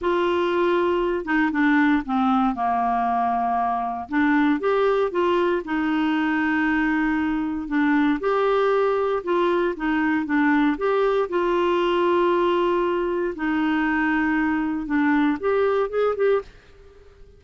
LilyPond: \new Staff \with { instrumentName = "clarinet" } { \time 4/4 \tempo 4 = 117 f'2~ f'8 dis'8 d'4 | c'4 ais2. | d'4 g'4 f'4 dis'4~ | dis'2. d'4 |
g'2 f'4 dis'4 | d'4 g'4 f'2~ | f'2 dis'2~ | dis'4 d'4 g'4 gis'8 g'8 | }